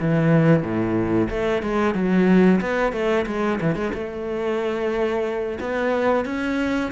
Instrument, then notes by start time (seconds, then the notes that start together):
cello
0.00 E3
0.63 A2
1.29 A3
1.62 G#3
1.94 F#3
2.61 B3
2.92 A3
3.26 G#3
3.61 E3
3.75 G#3
3.94 A3
5.60 B3
6.25 C#4